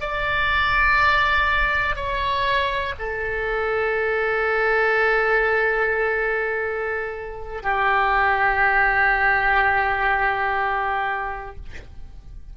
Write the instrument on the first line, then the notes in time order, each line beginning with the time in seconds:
oboe
0.00 D5
1.95 C#5
2.99 A4
7.62 G4